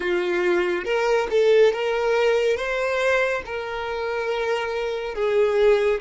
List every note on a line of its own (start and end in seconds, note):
0.00 0.84 F4
0.84 1.27 A#4
1.30 1.73 A4
1.73 2.56 A#4
2.56 3.42 C5
3.45 5.14 A#4
5.14 6.00 G#4